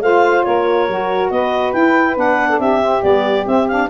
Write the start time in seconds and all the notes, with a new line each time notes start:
0.00 A3 F4 C5 F5
0.43 A#3 A#4 C#5
0.88 F#3 F#4
1.30 B3 B4 D#5
1.72 E4 G5
2.16 B3 D4 F#5
2.49 A4
2.58 C4 G4 E5
2.81 C4
3.02 G3 B3 D5
3.45 C4 E5
3.67 D4 F5